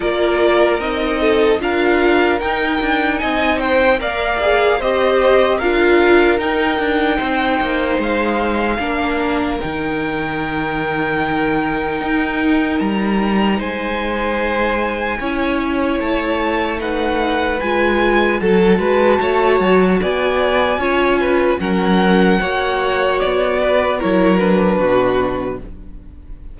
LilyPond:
<<
  \new Staff \with { instrumentName = "violin" } { \time 4/4 \tempo 4 = 75 d''4 dis''4 f''4 g''4 | gis''8 g''8 f''4 dis''4 f''4 | g''2 f''2 | g''1 |
ais''4 gis''2. | a''4 fis''4 gis''4 a''4~ | a''4 gis''2 fis''4~ | fis''4 d''4 cis''8 b'4. | }
  \new Staff \with { instrumentName = "violin" } { \time 4/4 ais'4. a'8 ais'2 | dis''8 c''8 d''4 c''4 ais'4~ | ais'4 c''2 ais'4~ | ais'1~ |
ais'4 c''2 cis''4~ | cis''4 b'2 a'8 b'8 | cis''4 d''4 cis''8 b'8 ais'4 | cis''4. b'8 ais'4 fis'4 | }
  \new Staff \with { instrumentName = "viola" } { \time 4/4 f'4 dis'4 f'4 dis'4~ | dis'4 ais'8 gis'8 g'4 f'4 | dis'2. d'4 | dis'1~ |
dis'2. e'4~ | e'4 dis'4 f'4 fis'4~ | fis'2 f'4 cis'4 | fis'2 e'8 d'4. | }
  \new Staff \with { instrumentName = "cello" } { \time 4/4 ais4 c'4 d'4 dis'8 d'8 | c'4 ais4 c'4 d'4 | dis'8 d'8 c'8 ais8 gis4 ais4 | dis2. dis'4 |
g4 gis2 cis'4 | a2 gis4 fis8 gis8 | a8 fis8 b4 cis'4 fis4 | ais4 b4 fis4 b,4 | }
>>